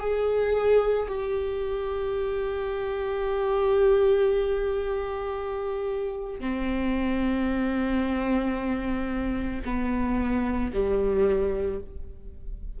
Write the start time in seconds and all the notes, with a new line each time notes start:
0.00 G#4
1.08 G4
6.40 C4
9.64 B3
10.73 G3